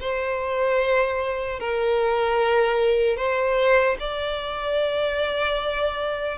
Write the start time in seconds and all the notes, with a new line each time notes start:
0.00 C5
1.59 A#4
3.17 C5
3.99 D5